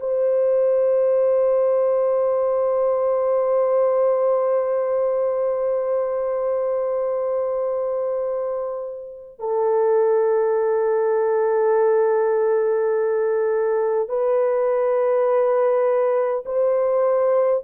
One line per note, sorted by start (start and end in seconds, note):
0.00 9.39 C5
9.39 14.09 A4
14.09 16.44 B4
16.45 17.63 C5